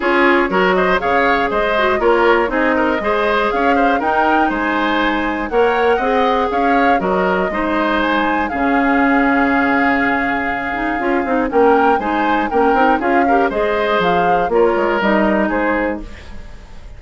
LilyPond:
<<
  \new Staff \with { instrumentName = "flute" } { \time 4/4 \tempo 4 = 120 cis''4. dis''8 f''4 dis''4 | cis''4 dis''2 f''4 | g''4 gis''2 fis''4~ | fis''4 f''4 dis''2 |
gis''4 f''2.~ | f''2. g''4 | gis''4 g''4 f''4 dis''4 | f''4 cis''4 dis''4 c''4 | }
  \new Staff \with { instrumentName = "oboe" } { \time 4/4 gis'4 ais'8 c''8 cis''4 c''4 | ais'4 gis'8 ais'8 c''4 cis''8 c''8 | ais'4 c''2 cis''4 | dis''4 cis''4 ais'4 c''4~ |
c''4 gis'2.~ | gis'2. ais'4 | c''4 ais'4 gis'8 ais'8 c''4~ | c''4 ais'2 gis'4 | }
  \new Staff \with { instrumentName = "clarinet" } { \time 4/4 f'4 fis'4 gis'4. fis'8 | f'4 dis'4 gis'2 | dis'2. ais'4 | gis'2 fis'4 dis'4~ |
dis'4 cis'2.~ | cis'4. dis'8 f'8 dis'8 cis'4 | dis'4 cis'8 dis'8 f'8 g'8 gis'4~ | gis'4 f'4 dis'2 | }
  \new Staff \with { instrumentName = "bassoon" } { \time 4/4 cis'4 fis4 cis4 gis4 | ais4 c'4 gis4 cis'4 | dis'4 gis2 ais4 | c'4 cis'4 fis4 gis4~ |
gis4 cis2.~ | cis2 cis'8 c'8 ais4 | gis4 ais8 c'8 cis'4 gis4 | f4 ais8 gis8 g4 gis4 | }
>>